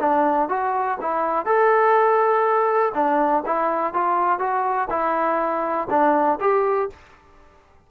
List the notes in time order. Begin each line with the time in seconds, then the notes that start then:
0.00 D4
0.49 F#4
1.01 E4
1.46 A4
2.95 D4
3.46 E4
3.94 F4
4.40 F#4
4.90 E4
5.90 D4
6.41 G4